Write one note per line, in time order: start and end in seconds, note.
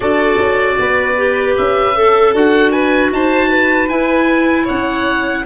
0.00 0.37 D4
0.00 1.15 F#4
0.00 0.74 A4
0.00 1.53 D5
0.38 0.77 C#4
0.79 1.57 B3
0.79 1.97 B4
1.17 1.94 G4
1.57 2.34 C#4
1.57 2.35 E5
1.94 2.33 A4
1.94 2.72 A4
2.33 3.11 D4
2.33 3.89 F#4
2.33 2.71 F#5
2.71 3.11 B4
2.71 3.10 G#5
3.11 3.89 D#4
3.11 3.49 C5
3.11 3.88 A5
3.49 4.63 B4
3.88 5.45 E4
3.88 4.67 E4
3.88 4.66 G#5
4.63 5.41 C#5
4.63 5.45 F#5
4.69 5.45 C#4